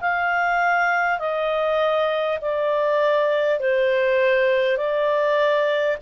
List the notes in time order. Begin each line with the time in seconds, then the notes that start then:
0.00 F5
1.18 D#5
2.41 D5
3.59 C5
4.77 D5